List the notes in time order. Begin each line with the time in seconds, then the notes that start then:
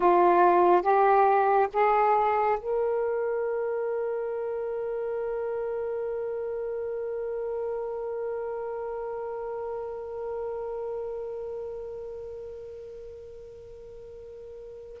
0.00 F4
0.82 G4
1.73 G#4
2.59 A#4